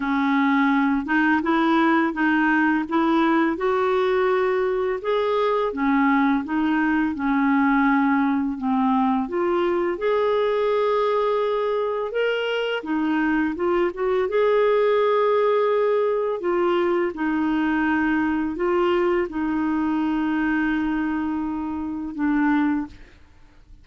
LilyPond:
\new Staff \with { instrumentName = "clarinet" } { \time 4/4 \tempo 4 = 84 cis'4. dis'8 e'4 dis'4 | e'4 fis'2 gis'4 | cis'4 dis'4 cis'2 | c'4 f'4 gis'2~ |
gis'4 ais'4 dis'4 f'8 fis'8 | gis'2. f'4 | dis'2 f'4 dis'4~ | dis'2. d'4 | }